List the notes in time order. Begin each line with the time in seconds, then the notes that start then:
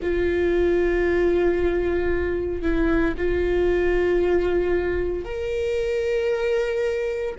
0.01 F4
2.61 E4
3.17 F4
5.24 A#4